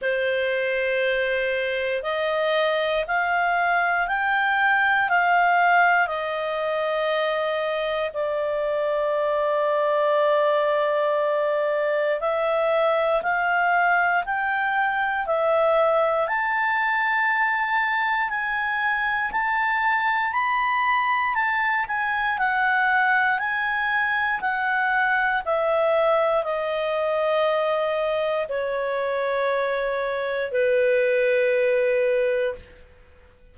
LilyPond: \new Staff \with { instrumentName = "clarinet" } { \time 4/4 \tempo 4 = 59 c''2 dis''4 f''4 | g''4 f''4 dis''2 | d''1 | e''4 f''4 g''4 e''4 |
a''2 gis''4 a''4 | b''4 a''8 gis''8 fis''4 gis''4 | fis''4 e''4 dis''2 | cis''2 b'2 | }